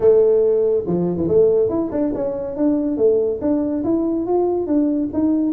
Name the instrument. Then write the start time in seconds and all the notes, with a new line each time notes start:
tuba
0.00 A3
0.86 F3
1.17 E3
1.28 A3
1.69 E4
1.91 D4
2.14 C#4
2.56 D4
2.97 A3
3.41 D4
3.84 E4
4.26 F4
4.66 D4
5.13 D#4